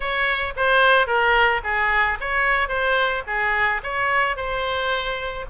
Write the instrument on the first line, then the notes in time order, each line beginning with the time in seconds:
oboe
0.00 C#5
0.56 C5
1.06 A#4
1.63 G#4
2.20 C#5
2.68 C5
3.27 G#4
3.83 C#5
4.36 C5